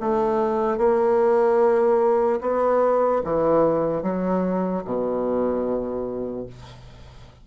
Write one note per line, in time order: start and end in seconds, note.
0.00 0.77 A3
0.77 2.40 A#3
2.41 3.22 B3
3.24 4.02 E3
4.02 4.84 F#3
4.84 6.46 B2